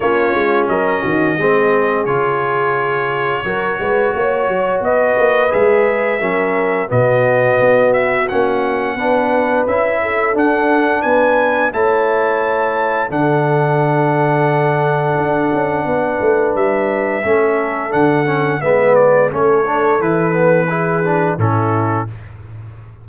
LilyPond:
<<
  \new Staff \with { instrumentName = "trumpet" } { \time 4/4 \tempo 4 = 87 cis''4 dis''2 cis''4~ | cis''2. dis''4 | e''2 dis''4. e''8 | fis''2 e''4 fis''4 |
gis''4 a''2 fis''4~ | fis''1 | e''2 fis''4 e''8 d''8 | cis''4 b'2 a'4 | }
  \new Staff \with { instrumentName = "horn" } { \time 4/4 f'4 ais'8 fis'8 gis'2~ | gis'4 ais'8 b'8 cis''4 b'4~ | b'4 ais'4 fis'2~ | fis'4 b'4. a'4. |
b'4 cis''2 a'4~ | a'2. b'4~ | b'4 a'2 b'4 | a'2 gis'4 e'4 | }
  \new Staff \with { instrumentName = "trombone" } { \time 4/4 cis'2 c'4 f'4~ | f'4 fis'2. | gis'4 cis'4 b2 | cis'4 d'4 e'4 d'4~ |
d'4 e'2 d'4~ | d'1~ | d'4 cis'4 d'8 cis'8 b4 | cis'8 d'8 e'8 b8 e'8 d'8 cis'4 | }
  \new Staff \with { instrumentName = "tuba" } { \time 4/4 ais8 gis8 fis8 dis8 gis4 cis4~ | cis4 fis8 gis8 ais8 fis8 b8 ais8 | gis4 fis4 b,4 b4 | ais4 b4 cis'4 d'4 |
b4 a2 d4~ | d2 d'8 cis'8 b8 a8 | g4 a4 d4 gis4 | a4 e2 a,4 | }
>>